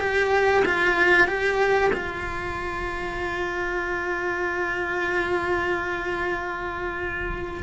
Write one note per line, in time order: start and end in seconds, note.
0.00 0.64 G4
0.65 1.28 F4
1.28 1.91 G4
1.93 7.63 F4